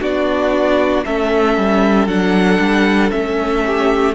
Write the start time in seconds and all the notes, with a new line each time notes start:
0.00 B3 D4 F#4 D5
1.05 A3 C#4 A4 E5
1.57 G3
2.06 F#3 D4 F#5
2.59 G3
3.11 A3 C#4 E5
3.66 G4